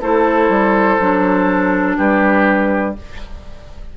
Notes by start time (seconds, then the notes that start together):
0.00 A3 E4 A4 C5
0.48 G3
0.99 F#3 D4
1.96 G3 G4 B4